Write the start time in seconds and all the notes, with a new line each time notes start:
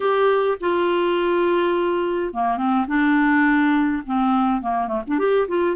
0.00 G4
0.60 F4
2.33 A#3
2.57 C4
2.87 D4
4.05 C4
4.61 A#3
4.87 A3
5.07 D4
5.18 G4
5.48 F4